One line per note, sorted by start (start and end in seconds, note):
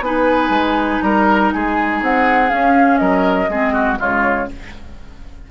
0.00 0.49 B3
0.00 2.48 D#4
0.00 1.04 B4
0.00 1.01 G#5
0.49 0.99 G#3
1.01 1.51 G3
1.01 1.54 A#4
1.01 1.51 A#5
1.52 2.01 G#3
1.52 3.00 G#4
1.52 2.02 G#5
2.01 2.51 C4
2.01 2.49 F#5
2.48 3.47 C#4
2.48 3.00 C#4
2.48 2.97 F5
2.97 3.48 F#3
2.97 3.49 A#4
2.97 3.96 D#5
3.48 3.98 G#3
3.48 3.97 C4
3.48 3.73 G#4
3.73 3.97 F#4
3.97 4.50 C#3
3.97 4.46 G#3
3.97 4.48 F4
3.97 4.50 C#5